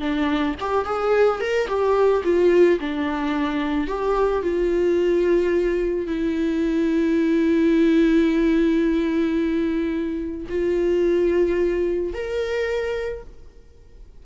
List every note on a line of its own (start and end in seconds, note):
0.00 0.55 D4
0.60 0.85 G4
0.85 1.40 G#4
1.40 1.67 A#4
1.67 2.22 G4
2.24 2.79 F4
2.80 3.87 D4
3.87 4.42 G4
4.42 6.07 F4
6.07 10.47 E4
10.49 12.13 F4
12.13 13.23 A#4